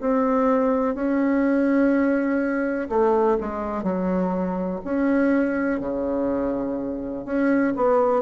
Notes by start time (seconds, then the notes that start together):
0.00 C4
0.95 C#4
2.89 A3
3.40 G#3
3.83 F#3
4.84 C#4
5.80 C#3
7.25 C#4
7.76 B3